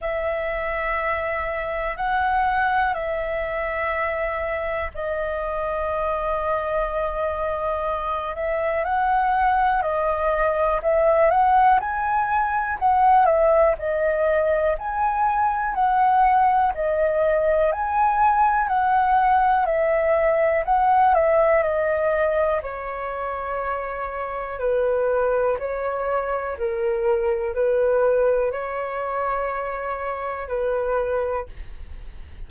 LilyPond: \new Staff \with { instrumentName = "flute" } { \time 4/4 \tempo 4 = 61 e''2 fis''4 e''4~ | e''4 dis''2.~ | dis''8 e''8 fis''4 dis''4 e''8 fis''8 | gis''4 fis''8 e''8 dis''4 gis''4 |
fis''4 dis''4 gis''4 fis''4 | e''4 fis''8 e''8 dis''4 cis''4~ | cis''4 b'4 cis''4 ais'4 | b'4 cis''2 b'4 | }